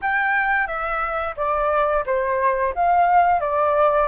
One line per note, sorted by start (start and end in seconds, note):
0.01 0.67 G5
0.67 1.35 E5
1.36 2.04 D5
2.05 2.74 C5
2.75 3.40 F5
3.40 4.08 D5